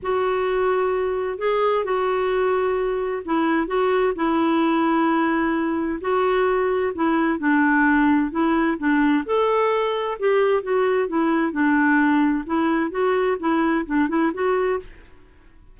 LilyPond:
\new Staff \with { instrumentName = "clarinet" } { \time 4/4 \tempo 4 = 130 fis'2. gis'4 | fis'2. e'4 | fis'4 e'2.~ | e'4 fis'2 e'4 |
d'2 e'4 d'4 | a'2 g'4 fis'4 | e'4 d'2 e'4 | fis'4 e'4 d'8 e'8 fis'4 | }